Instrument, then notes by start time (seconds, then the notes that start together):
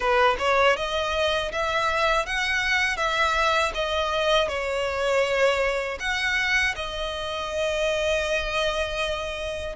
violin
0.00 B4
0.39 C#5
0.76 D#5
1.52 E5
2.26 F#5
2.97 E5
3.74 D#5
4.48 C#5
5.99 F#5
6.75 D#5